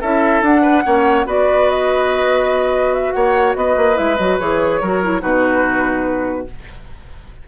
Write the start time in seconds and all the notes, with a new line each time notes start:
0.00 C#4 E4 A4 E5
0.41 D4 F#5
0.62 B4
0.84 A#3 C#4 C#5
1.25 B3 F#4 B4 D5
1.69 D#5
2.93 E5
3.12 A#3 C#5 F#5
3.55 B3 B4 D#5
3.76 A#3
3.94 G#3 E4 E5
4.17 F#3 F#4 D#5
4.39 E3 G#4 C#5
4.81 F#3 F#4 A#4
5.03 E4
5.20 B2 D#4 F#4 B4